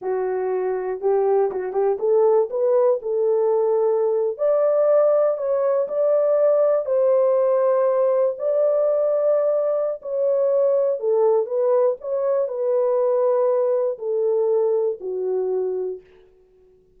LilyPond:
\new Staff \with { instrumentName = "horn" } { \time 4/4 \tempo 4 = 120 fis'2 g'4 fis'8 g'8 | a'4 b'4 a'2~ | a'8. d''2 cis''4 d''16~ | d''4.~ d''16 c''2~ c''16~ |
c''8. d''2.~ d''16 | cis''2 a'4 b'4 | cis''4 b'2. | a'2 fis'2 | }